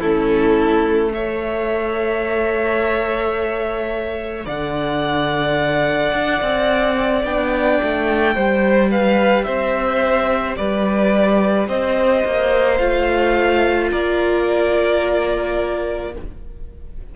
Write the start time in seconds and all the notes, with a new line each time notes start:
0.00 A3 C#4 E4 A4
1.13 A4 C#5 E5
4.46 D3 D5 F#5
6.13 D4
6.42 C4
7.24 B3 D4 G5
7.83 A3
8.34 G3 G4 C5
8.91 B4 F5
9.44 C4 C5 E5
10.56 G3 B4 D5
11.69 C4 C5 D#5
12.25 A#3
12.78 A3 F4 F5
13.90 A#3 A#4 D5